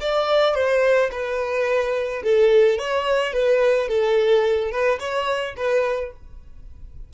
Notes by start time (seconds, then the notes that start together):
0.00 D5
0.54 C5
1.11 B4
2.23 A4
2.78 C#5
3.33 B4
3.88 A4
4.71 B4
4.99 C#5
5.56 B4